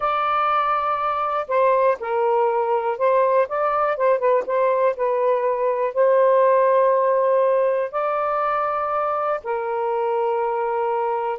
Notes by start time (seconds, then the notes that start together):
0.00 D5
1.47 C5
1.99 A#4
2.98 C5
3.48 D5
3.96 C5
4.18 B4
4.46 C5
4.96 B4
5.93 C5
7.91 D5
9.43 A#4